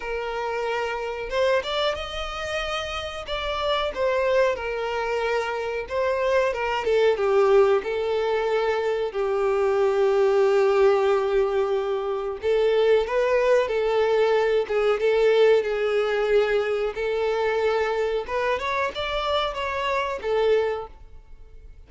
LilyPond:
\new Staff \with { instrumentName = "violin" } { \time 4/4 \tempo 4 = 92 ais'2 c''8 d''8 dis''4~ | dis''4 d''4 c''4 ais'4~ | ais'4 c''4 ais'8 a'8 g'4 | a'2 g'2~ |
g'2. a'4 | b'4 a'4. gis'8 a'4 | gis'2 a'2 | b'8 cis''8 d''4 cis''4 a'4 | }